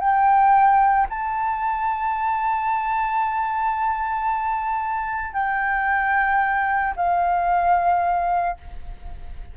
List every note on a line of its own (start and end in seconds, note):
0.00 1.07 G5
1.10 5.34 A5
5.34 6.94 G5
6.96 8.57 F5